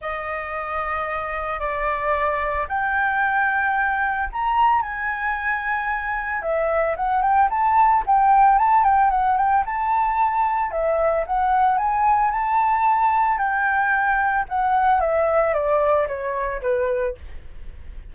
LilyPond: \new Staff \with { instrumentName = "flute" } { \time 4/4 \tempo 4 = 112 dis''2. d''4~ | d''4 g''2. | ais''4 gis''2. | e''4 fis''8 g''8 a''4 g''4 |
a''8 g''8 fis''8 g''8 a''2 | e''4 fis''4 gis''4 a''4~ | a''4 g''2 fis''4 | e''4 d''4 cis''4 b'4 | }